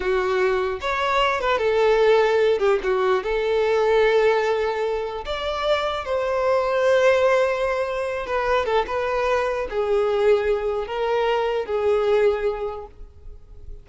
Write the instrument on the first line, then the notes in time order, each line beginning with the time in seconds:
violin
0.00 F#4
0.80 C#5
1.40 B4
1.58 A4
2.59 G4
2.83 F#4
3.23 A4
5.25 D5
6.04 C5
8.26 B4
8.65 A4
8.86 B4
9.70 G#4
10.87 A#4
11.65 G#4